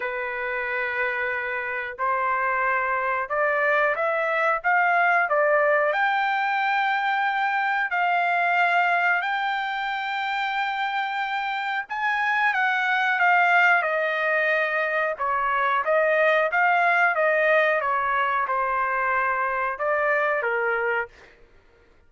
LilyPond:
\new Staff \with { instrumentName = "trumpet" } { \time 4/4 \tempo 4 = 91 b'2. c''4~ | c''4 d''4 e''4 f''4 | d''4 g''2. | f''2 g''2~ |
g''2 gis''4 fis''4 | f''4 dis''2 cis''4 | dis''4 f''4 dis''4 cis''4 | c''2 d''4 ais'4 | }